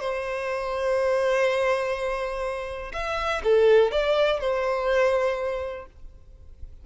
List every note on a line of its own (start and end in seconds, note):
0.00 2.93 C5
2.93 3.42 E5
3.44 3.92 A4
3.92 4.40 D5
4.40 5.87 C5